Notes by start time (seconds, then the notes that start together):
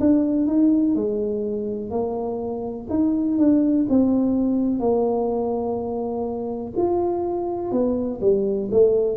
0.00 D4
0.47 D#4
0.95 G#3
1.90 A#3
2.89 D#4
3.38 D4
3.89 C4
4.79 A#3
6.77 F4
7.72 B3
8.21 G3
8.71 A3